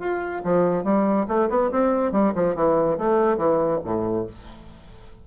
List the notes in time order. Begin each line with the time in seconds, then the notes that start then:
0.00 F4
0.45 F3
0.85 G3
1.28 A3
1.50 B3
1.72 C4
2.12 G3
2.35 F3
2.56 E3
2.98 A3
3.38 E3
3.85 A2